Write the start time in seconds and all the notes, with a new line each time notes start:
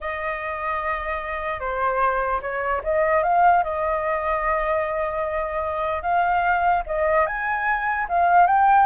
0.01 D#5
1.59 C5
2.41 C#5
2.83 D#5
3.23 F5
3.63 D#5
6.02 F5
6.86 D#5
7.26 G#5
8.08 F5
8.46 G5